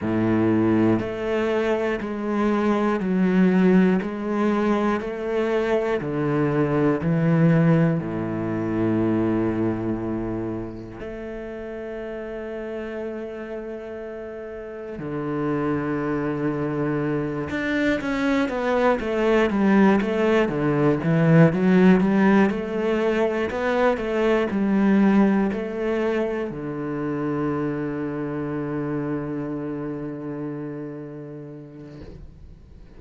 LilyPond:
\new Staff \with { instrumentName = "cello" } { \time 4/4 \tempo 4 = 60 a,4 a4 gis4 fis4 | gis4 a4 d4 e4 | a,2. a4~ | a2. d4~ |
d4. d'8 cis'8 b8 a8 g8 | a8 d8 e8 fis8 g8 a4 b8 | a8 g4 a4 d4.~ | d1 | }